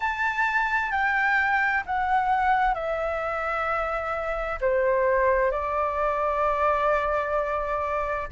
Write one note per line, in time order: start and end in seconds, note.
0.00 0.91 A5
0.91 1.83 G5
1.85 2.74 F#5
2.74 4.59 E5
4.61 5.51 C5
5.51 8.28 D5